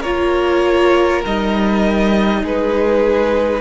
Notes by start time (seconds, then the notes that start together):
0.00 A#3 F4 A#4 C#5
1.25 G3 D#4 D#5
2.43 G#3 G#4 B4